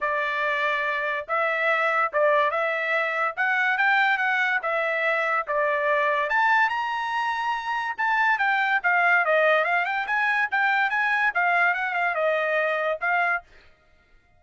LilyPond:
\new Staff \with { instrumentName = "trumpet" } { \time 4/4 \tempo 4 = 143 d''2. e''4~ | e''4 d''4 e''2 | fis''4 g''4 fis''4 e''4~ | e''4 d''2 a''4 |
ais''2. a''4 | g''4 f''4 dis''4 f''8 g''8 | gis''4 g''4 gis''4 f''4 | fis''8 f''8 dis''2 f''4 | }